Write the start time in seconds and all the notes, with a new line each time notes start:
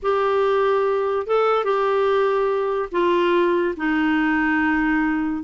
0.02 G4
1.27 A4
1.64 G4
2.91 F4
3.76 D#4